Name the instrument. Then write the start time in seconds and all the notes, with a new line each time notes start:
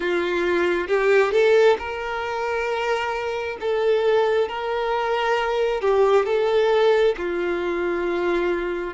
violin
0.00 F4
0.87 G4
1.32 A4
1.78 A#4
3.60 A4
4.48 A#4
5.81 G4
6.25 A4
7.17 F4